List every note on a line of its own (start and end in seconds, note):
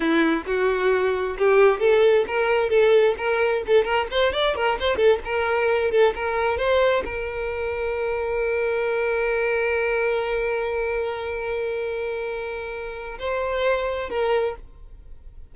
0.00 0.43 E4
0.46 1.37 F#4
1.38 1.79 G4
1.79 2.25 A4
2.27 2.69 A#4
2.69 3.15 A4
3.17 3.63 A#4
3.66 3.84 A4
3.84 4.07 A#4
4.10 4.33 C5
4.33 4.55 D5
4.55 4.78 A#4
4.79 4.96 C5
4.96 5.19 A4
5.25 5.91 A#4
5.91 6.14 A4
6.15 6.57 A#4
6.57 7.03 C5
7.05 13.18 A#4
13.18 14.09 C5
14.09 14.55 A#4